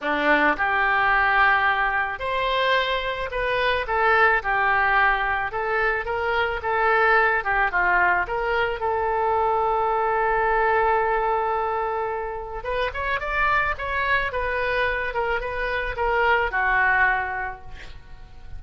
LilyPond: \new Staff \with { instrumentName = "oboe" } { \time 4/4 \tempo 4 = 109 d'4 g'2. | c''2 b'4 a'4 | g'2 a'4 ais'4 | a'4. g'8 f'4 ais'4 |
a'1~ | a'2. b'8 cis''8 | d''4 cis''4 b'4. ais'8 | b'4 ais'4 fis'2 | }